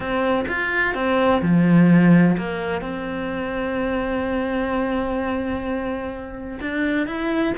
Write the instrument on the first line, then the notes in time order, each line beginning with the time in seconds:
cello
0.00 C4
0.47 F4
0.94 C4
1.42 F3
2.37 A#3
2.81 C4
6.60 D4
7.07 E4